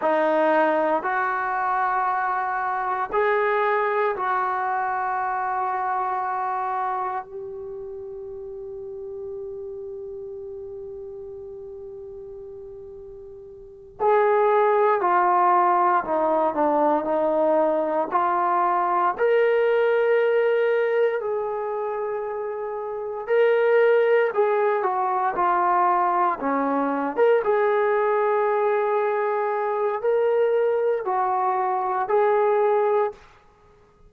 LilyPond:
\new Staff \with { instrumentName = "trombone" } { \time 4/4 \tempo 4 = 58 dis'4 fis'2 gis'4 | fis'2. g'4~ | g'1~ | g'4. gis'4 f'4 dis'8 |
d'8 dis'4 f'4 ais'4.~ | ais'8 gis'2 ais'4 gis'8 | fis'8 f'4 cis'8. ais'16 gis'4.~ | gis'4 ais'4 fis'4 gis'4 | }